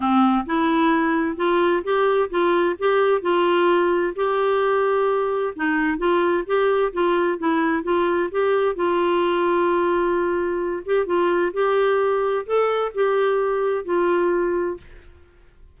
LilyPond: \new Staff \with { instrumentName = "clarinet" } { \time 4/4 \tempo 4 = 130 c'4 e'2 f'4 | g'4 f'4 g'4 f'4~ | f'4 g'2. | dis'4 f'4 g'4 f'4 |
e'4 f'4 g'4 f'4~ | f'2.~ f'8 g'8 | f'4 g'2 a'4 | g'2 f'2 | }